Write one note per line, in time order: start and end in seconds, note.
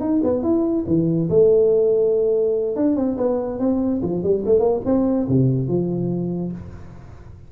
0.00 0.21 D#4
0.23 0.42 B3
0.42 0.84 E4
0.87 1.29 E3
1.29 2.76 A3
2.76 2.96 D4
2.96 3.17 C4
3.17 3.59 B3
3.59 4.01 C4
4.02 4.23 F3
4.23 4.44 G3
4.45 4.59 A3
4.59 4.80 A#3
4.85 5.27 C4
5.28 5.68 C3
5.68 6.52 F3